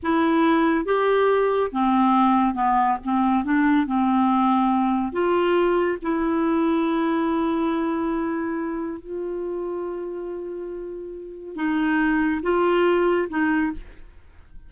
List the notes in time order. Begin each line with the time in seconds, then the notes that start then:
0.03 E4
0.85 G4
1.72 C4
2.54 B3
3.04 C4
3.44 D4
3.86 C4
5.12 F4
6.02 E4
8.99 F4
11.55 D#4
12.42 F4
13.29 D#4